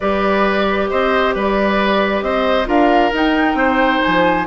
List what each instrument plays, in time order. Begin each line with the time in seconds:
0.00 bassoon G3, clarinet G4, oboe B4, flute D5
0.89 bassoon C4, oboe C5, flute D#5
1.34 bassoon G3, oboe B4, flute D5
2.21 bassoon C4, oboe C5, flute D#5
2.65 bassoon D4, clarinet F4, oboe A#4, flute F5
3.12 bassoon D#4, clarinet D#4, flute G5
3.54 bassoon C4, oboe C5
4.02 bassoon F3, flute G#5